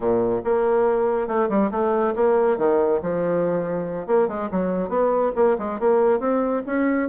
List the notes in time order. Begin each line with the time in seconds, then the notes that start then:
0.00 A#2
0.44 A#3
1.27 A3
1.49 G3
1.71 A3
2.15 A#3
2.57 D#3
3.02 F3
4.06 A#3
4.27 G#3
4.51 F#3
4.88 B3
5.35 A#3
5.58 G#3
5.79 A#3
6.19 C4
6.66 C#4